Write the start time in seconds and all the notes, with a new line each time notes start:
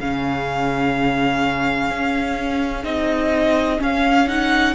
0.00 C#3 C#4 G#4 F5
1.90 C#4
2.84 C4 D#4 D#5
3.79 C#4 F5
4.28 D#4 F#5